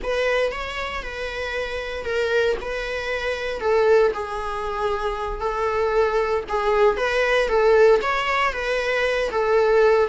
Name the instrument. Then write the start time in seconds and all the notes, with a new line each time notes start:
viola
0.03 B4
0.51 C#5
1.02 B4
2.04 A#4
2.61 B4
3.60 A4
4.13 G#4
5.40 A4
6.49 G#4
6.96 B4
7.48 A4
8.01 C#5
8.53 B4
9.31 A4